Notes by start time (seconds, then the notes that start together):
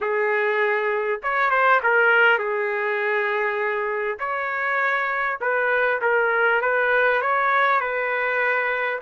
0.01 G#4
1.22 C#5
1.50 C5
1.83 A#4
2.38 G#4
4.19 C#5
5.41 B4
6.01 A#4
6.61 B4
7.21 C#5
7.80 B4